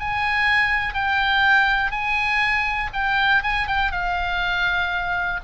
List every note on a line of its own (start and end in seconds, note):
0.00 0.94 G#5
0.94 1.92 G5
1.92 2.91 G#5
2.93 3.43 G5
3.43 3.67 G#5
3.67 3.92 G5
3.92 5.40 F5